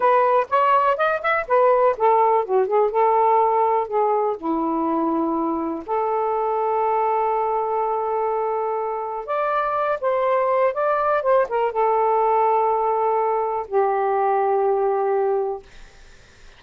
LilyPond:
\new Staff \with { instrumentName = "saxophone" } { \time 4/4 \tempo 4 = 123 b'4 cis''4 dis''8 e''8 b'4 | a'4 fis'8 gis'8 a'2 | gis'4 e'2. | a'1~ |
a'2. d''4~ | d''8 c''4. d''4 c''8 ais'8 | a'1 | g'1 | }